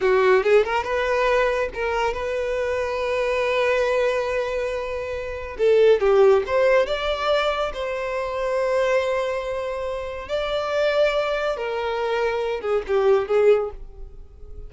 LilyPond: \new Staff \with { instrumentName = "violin" } { \time 4/4 \tempo 4 = 140 fis'4 gis'8 ais'8 b'2 | ais'4 b'2.~ | b'1~ | b'4 a'4 g'4 c''4 |
d''2 c''2~ | c''1 | d''2. ais'4~ | ais'4. gis'8 g'4 gis'4 | }